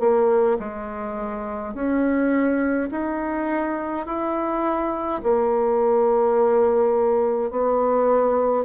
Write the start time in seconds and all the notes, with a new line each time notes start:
0.00 A#3
0.60 G#3
1.75 C#4
2.91 D#4
4.06 E4
5.23 A#3
7.51 B3